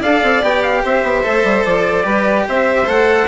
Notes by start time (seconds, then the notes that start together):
0.00 D4 A4 D5 F5
0.23 C4
0.42 B3 G4 G5
0.62 F5
0.82 C4 C5 E5
1.03 B3
1.23 A3 A4
1.43 G3
1.65 F3 D5
2.03 G3 G4 B4
2.47 C4 C5 E5
2.85 A3 A4 F#5